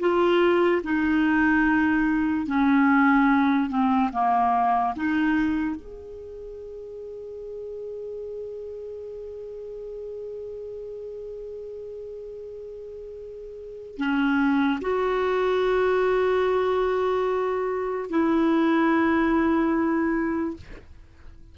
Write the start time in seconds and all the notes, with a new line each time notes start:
0.00 F4
0.84 D#4
2.47 C#4
3.69 C4
4.12 A#3
4.96 D#4
5.76 G#4
13.98 C#4
14.81 F#4
18.10 E4